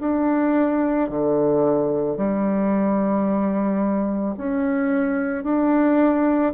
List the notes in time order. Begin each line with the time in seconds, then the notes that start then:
0.00 D4
1.09 D3
2.17 G3
4.37 C#4
5.43 D4